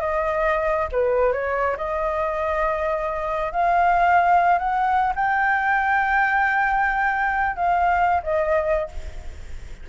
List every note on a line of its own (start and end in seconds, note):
0.00 0.88 D#5
0.92 1.32 B4
1.32 1.76 C#5
1.77 3.52 D#5
3.52 4.58 F5
4.58 5.13 F#5
5.15 7.56 G5
7.56 8.22 F5
8.23 8.89 D#5